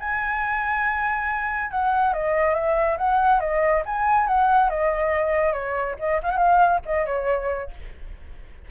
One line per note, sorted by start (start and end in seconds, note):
0.00 1.71 G#5
1.71 2.14 F#5
2.14 2.55 D#5
2.55 2.98 E5
2.98 3.40 F#5
3.40 3.83 D#5
3.86 4.27 G#5
4.27 4.70 F#5
4.70 5.53 D#5
5.53 5.96 C#5
6.00 6.21 D#5
6.23 6.31 F5
6.31 6.37 F#5
6.37 6.80 F5
6.86 7.06 D#5
7.06 7.71 C#5